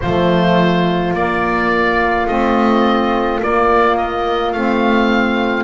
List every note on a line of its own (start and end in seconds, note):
0.00 1.13 F3
0.00 1.16 A3
0.00 5.63 F4
0.00 1.13 C5
1.13 2.26 A#3
1.13 2.28 A#3
1.13 2.27 D5
2.27 3.41 A3
2.27 3.41 C4
2.27 3.41 D#5
3.41 4.54 A#3
3.41 3.96 D5
3.96 4.52 D#5
4.52 5.63 A3
4.52 5.63 C4
4.52 5.63 F5